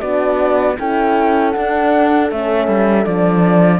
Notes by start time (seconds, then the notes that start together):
0.00 B3 D4 F#4 D5
0.78 C#4 E4 A4 G5
1.51 D4 F#5
2.29 A3 C#4 E5
2.67 G3
3.04 F3 D4 D5